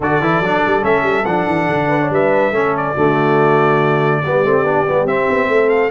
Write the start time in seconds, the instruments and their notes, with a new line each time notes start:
0.00 tuba D3, trombone F#4, horn A4, trumpet D5
0.20 tuba E3, trombone E4
0.40 tuba F#3, trombone D4
0.66 tuba G3
0.81 tuba A3, trombone C#4, trumpet E5
1.02 tuba G3
1.25 tuba F3, trombone D4, trumpet F#5
1.46 tuba E3
1.68 tuba D3
1.88 horn B4
2.01 horn C#5
2.10 tuba G3, horn B4, trumpet E5
2.51 tuba A3, trombone C#4, horn A4
2.76 trumpet D5
2.94 tuba D3, trombone A3, horn F#4
4.22 tuba G3, trombone B3, horn G4
4.44 tuba A3, trombone C4
4.63 tuba B3, trombone D4
4.87 tuba G3, trombone B3
5.05 tuba C4, trombone C4, trumpet E5
5.29 tuba B3
5.47 tuba A3, horn A4
5.69 trumpet F5